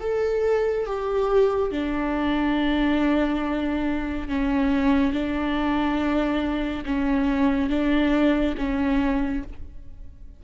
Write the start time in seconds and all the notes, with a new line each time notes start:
0.00 A4
0.86 G4
1.71 D4
4.28 C#4
5.13 D4
6.85 C#4
7.69 D4
8.57 C#4